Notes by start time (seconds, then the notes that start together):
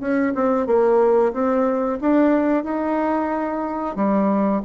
0.00 C#4
0.35 C4
0.67 A#3
1.32 C4
2.00 D4
2.63 D#4
3.96 G3